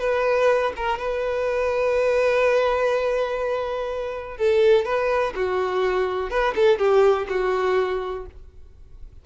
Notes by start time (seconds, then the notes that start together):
0.00 B4
0.76 A#4
0.99 B4
4.38 A4
4.85 B4
5.36 F#4
6.30 B4
6.55 A4
6.79 G4
7.29 F#4